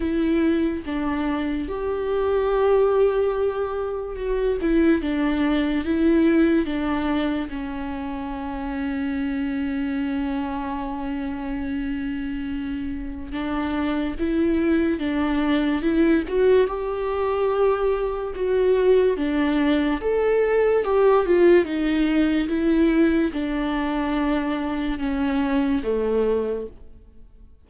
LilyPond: \new Staff \with { instrumentName = "viola" } { \time 4/4 \tempo 4 = 72 e'4 d'4 g'2~ | g'4 fis'8 e'8 d'4 e'4 | d'4 cis'2.~ | cis'1 |
d'4 e'4 d'4 e'8 fis'8 | g'2 fis'4 d'4 | a'4 g'8 f'8 dis'4 e'4 | d'2 cis'4 a4 | }